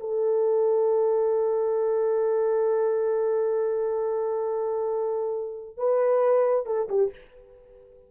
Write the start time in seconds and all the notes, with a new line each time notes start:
0.00 A4
5.77 B4
6.66 A4
6.89 G4